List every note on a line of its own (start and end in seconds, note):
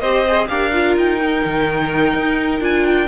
0.00 0.49 C4
0.00 0.26 G4
0.00 0.48 C5
0.00 0.47 D#5
0.28 0.49 G#4
0.48 0.97 D4
0.48 0.72 G4
0.48 3.08 A#4
0.48 0.95 F5
0.72 1.19 F4
0.97 1.44 D#4
0.97 2.64 G5
1.21 2.61 D#4
1.45 2.14 D#3
2.14 2.61 D#4
2.61 3.08 D4
2.61 3.08 F4
2.61 2.86 G#5
2.86 3.08 G5